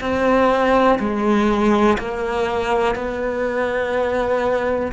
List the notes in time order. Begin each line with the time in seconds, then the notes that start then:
0.00 C4
0.99 G#3
1.98 A#3
2.95 B3